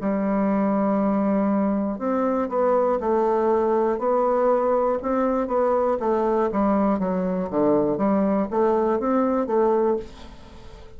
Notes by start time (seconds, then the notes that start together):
0.00 G3
1.98 C4
2.49 B3
3.00 A3
3.99 B3
5.02 C4
5.47 B3
6.00 A3
6.52 G3
6.99 F#3
7.50 D3
7.97 G3
8.50 A3
8.99 C4
9.46 A3